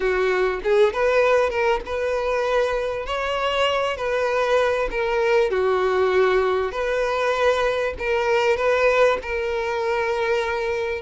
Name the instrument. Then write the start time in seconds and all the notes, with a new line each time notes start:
violin
0.00 F#4
0.63 G#4
0.93 B4
1.49 A#4
1.85 B4
3.06 C#5
3.97 B4
4.90 A#4
5.50 F#4
6.71 B4
7.98 A#4
8.56 B4
9.21 A#4